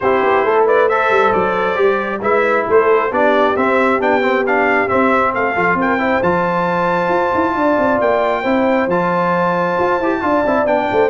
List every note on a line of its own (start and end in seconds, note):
0.00 0.22 C4
0.00 0.90 E4
0.00 0.45 G4
0.00 0.65 C5
0.22 0.44 B3
0.44 1.09 A3
0.44 0.66 A4
0.66 0.87 B4
0.66 0.88 D5
0.87 1.75 A4
0.87 2.20 C5
0.87 1.32 E5
1.09 1.32 G3
1.32 1.78 F#3
1.32 2.21 D5
1.75 2.20 G3
1.75 2.20 G4
2.20 2.65 G#3
2.20 3.11 E4
2.20 2.66 B4
2.20 2.67 E5
2.66 3.11 A3
2.66 3.11 A4
2.66 3.12 C5
3.11 3.55 B3
3.11 3.55 D4
3.11 5.33 G4
3.11 3.56 D5
3.56 3.99 C4
3.56 4.00 C4
3.56 4.00 E5
3.99 4.87 B3
3.99 4.21 D4
3.99 4.46 G5
4.21 4.44 C4
4.46 4.88 D4
4.46 4.88 F5
4.88 5.54 C4
4.88 5.35 C4
4.88 5.32 E5
5.33 5.56 A3
5.33 5.77 A4
5.33 5.78 F5
5.55 5.74 F3
5.55 5.98 F4
5.74 6.18 C4
5.74 5.99 A#4
5.81 6.22 G5
5.98 6.21 E4
5.98 7.54 C5
6.22 7.08 F3
6.22 8.44 F4
6.22 8.00 A5
7.08 7.30 F4
7.34 7.54 E4
7.54 7.77 D4
7.54 8.41 D5
7.78 8.00 C4
8.00 8.44 A#3
8.00 8.89 G5
8.41 8.87 C4
8.41 8.89 E4
8.41 10.19 C5
8.87 9.76 F3
8.87 10.01 F4
8.87 10.67 A5
9.79 9.99 F4
9.99 10.21 E4
9.99 10.21 G4
10.21 10.44 D4
10.21 10.43 F4
10.21 10.89 D5
10.45 10.66 C4
10.45 10.66 E4
10.66 10.88 B3
10.66 11.09 D4
10.66 11.09 G5
10.91 11.09 A3
10.91 11.09 C5